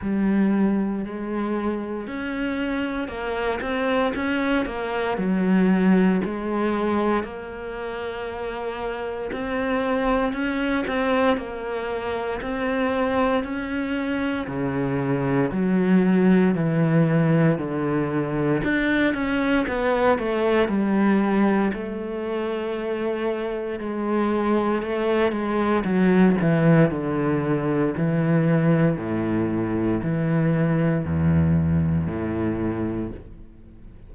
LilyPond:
\new Staff \with { instrumentName = "cello" } { \time 4/4 \tempo 4 = 58 g4 gis4 cis'4 ais8 c'8 | cis'8 ais8 fis4 gis4 ais4~ | ais4 c'4 cis'8 c'8 ais4 | c'4 cis'4 cis4 fis4 |
e4 d4 d'8 cis'8 b8 a8 | g4 a2 gis4 | a8 gis8 fis8 e8 d4 e4 | a,4 e4 e,4 a,4 | }